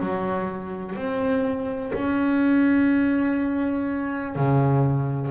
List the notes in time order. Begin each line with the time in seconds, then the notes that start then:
0.00 F#3
0.95 C4
1.94 C#4
4.36 C#3